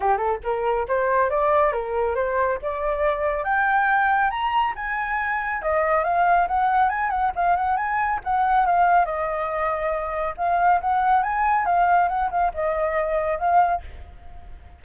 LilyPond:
\new Staff \with { instrumentName = "flute" } { \time 4/4 \tempo 4 = 139 g'8 a'8 ais'4 c''4 d''4 | ais'4 c''4 d''2 | g''2 ais''4 gis''4~ | gis''4 dis''4 f''4 fis''4 |
gis''8 fis''8 f''8 fis''8 gis''4 fis''4 | f''4 dis''2. | f''4 fis''4 gis''4 f''4 | fis''8 f''8 dis''2 f''4 | }